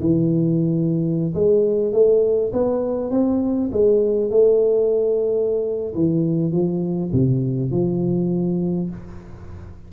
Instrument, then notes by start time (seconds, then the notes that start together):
tuba
0.00 E3
1.34 G#3
1.93 A3
2.53 B3
3.11 C4
3.72 G#3
4.30 A3
5.94 E3
6.52 F3
7.12 C3
7.71 F3